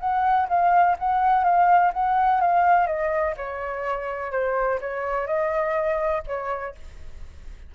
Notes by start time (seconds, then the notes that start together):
0.00 F#5
0.49 F5
0.99 F#5
1.44 F5
1.93 F#5
2.41 F5
2.87 D#5
3.37 C#5
4.32 C5
4.81 C#5
5.27 D#5
6.27 C#5